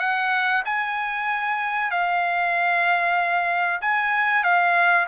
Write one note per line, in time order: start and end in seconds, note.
0.00 0.63 F#5
0.65 1.91 G#5
1.91 3.81 F5
3.82 4.44 G#5
4.44 5.07 F5